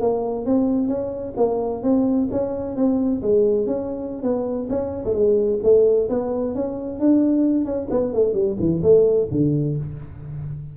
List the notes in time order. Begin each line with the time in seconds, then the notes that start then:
0.00 A#3
0.45 C4
0.87 C#4
1.37 A#3
1.82 C4
2.31 C#4
2.76 C4
3.22 G#3
3.66 C#4
4.22 B3
4.69 C#4
5.04 A3
5.14 G#3
5.63 A3
6.09 B3
6.54 C#4
6.99 D4
7.64 C#4
7.90 B3
8.13 A3
8.33 G3
8.59 E3
8.82 A3
9.31 D3